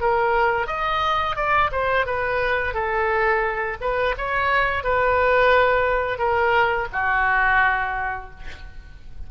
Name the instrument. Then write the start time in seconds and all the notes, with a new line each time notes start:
oboe
0.00 A#4
0.66 D#5
1.36 D5
1.71 C5
2.06 B4
2.73 A4
3.80 B4
4.17 C#5
4.83 B4
6.18 A#4
6.92 F#4